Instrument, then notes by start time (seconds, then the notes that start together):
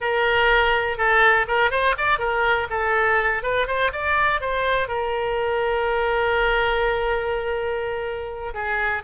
oboe
0.00 A#4
0.97 A4
1.47 A#4
1.71 C5
1.97 D5
2.18 A#4
2.70 A4
3.43 B4
3.67 C5
3.92 D5
4.40 C5
4.88 A#4
8.53 G#4